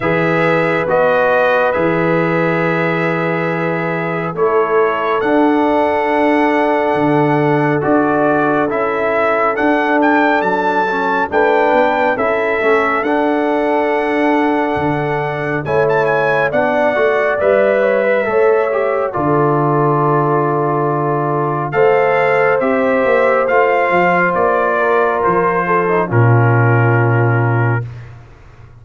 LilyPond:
<<
  \new Staff \with { instrumentName = "trumpet" } { \time 4/4 \tempo 4 = 69 e''4 dis''4 e''2~ | e''4 cis''4 fis''2~ | fis''4 d''4 e''4 fis''8 g''8 | a''4 g''4 e''4 fis''4~ |
fis''2 gis''16 a''16 gis''8 fis''4 | e''2 d''2~ | d''4 f''4 e''4 f''4 | d''4 c''4 ais'2 | }
  \new Staff \with { instrumentName = "horn" } { \time 4/4 b'1~ | b'4 a'2.~ | a'1~ | a'4 b'4 a'2~ |
a'2 cis''4 d''4~ | d''8 cis''16 b'16 cis''4 a'2~ | a'4 c''2.~ | c''8 ais'4 a'8 f'2 | }
  \new Staff \with { instrumentName = "trombone" } { \time 4/4 gis'4 fis'4 gis'2~ | gis'4 e'4 d'2~ | d'4 fis'4 e'4 d'4~ | d'8 cis'8 d'4 e'8 cis'8 d'4~ |
d'2 e'4 d'8 fis'8 | b'4 a'8 g'8 f'2~ | f'4 a'4 g'4 f'4~ | f'4.~ f'16 dis'16 cis'2 | }
  \new Staff \with { instrumentName = "tuba" } { \time 4/4 e4 b4 e2~ | e4 a4 d'2 | d4 d'4 cis'4 d'4 | fis4 a8 b8 cis'8 a8 d'4~ |
d'4 d4 a4 b8 a8 | g4 a4 d2~ | d4 a4 c'8 ais8 a8 f8 | ais4 f4 ais,2 | }
>>